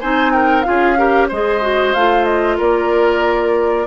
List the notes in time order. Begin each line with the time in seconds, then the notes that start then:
0.00 C4 D#4 C5 G#5
0.33 A#4 G5
0.62 F4 G#4 F5
0.69 C#4
0.97 G4 A#4
1.28 G#3 G#4 C5 D#5
1.61 F#4
1.94 A3 F4 F5
2.24 D#5
2.57 A#3 A#4 D5